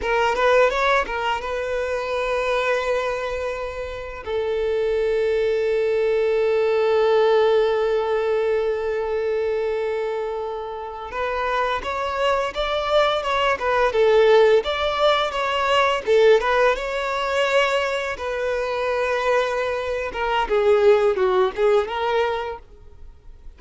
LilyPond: \new Staff \with { instrumentName = "violin" } { \time 4/4 \tempo 4 = 85 ais'8 b'8 cis''8 ais'8 b'2~ | b'2 a'2~ | a'1~ | a'2.~ a'8. b'16~ |
b'8. cis''4 d''4 cis''8 b'8 a'16~ | a'8. d''4 cis''4 a'8 b'8 cis''16~ | cis''4.~ cis''16 b'2~ b'16~ | b'8 ais'8 gis'4 fis'8 gis'8 ais'4 | }